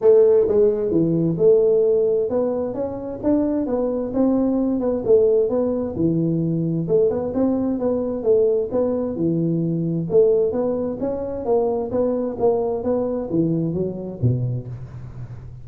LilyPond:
\new Staff \with { instrumentName = "tuba" } { \time 4/4 \tempo 4 = 131 a4 gis4 e4 a4~ | a4 b4 cis'4 d'4 | b4 c'4. b8 a4 | b4 e2 a8 b8 |
c'4 b4 a4 b4 | e2 a4 b4 | cis'4 ais4 b4 ais4 | b4 e4 fis4 b,4 | }